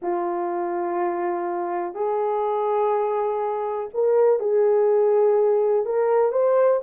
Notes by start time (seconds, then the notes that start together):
0.02 F4
1.94 G#4
3.94 A#4
4.39 G#4
5.85 A#4
6.32 C5